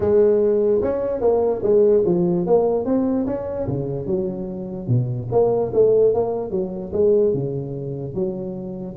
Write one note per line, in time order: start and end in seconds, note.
0.00 0.81 G#3
0.81 1.21 C#4
1.21 1.61 A#3
1.62 2.03 G#3
2.05 2.46 F3
2.46 2.85 A#3
2.85 3.26 C4
3.26 3.67 C#4
3.67 4.06 C#3
4.06 4.87 F#3
4.87 5.28 B2
5.31 5.72 A#3
5.73 6.14 A3
6.14 6.51 A#3
6.51 6.91 F#3
6.92 7.33 G#3
7.33 8.14 C#3
8.14 8.96 F#3